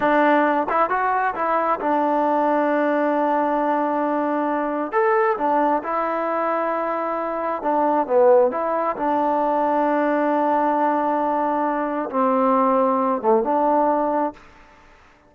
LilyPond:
\new Staff \with { instrumentName = "trombone" } { \time 4/4 \tempo 4 = 134 d'4. e'8 fis'4 e'4 | d'1~ | d'2. a'4 | d'4 e'2.~ |
e'4 d'4 b4 e'4 | d'1~ | d'2. c'4~ | c'4. a8 d'2 | }